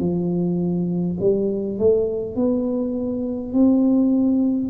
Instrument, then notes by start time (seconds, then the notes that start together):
tuba
0.00 F3
1.20 G3
1.79 A3
2.36 B3
3.53 C4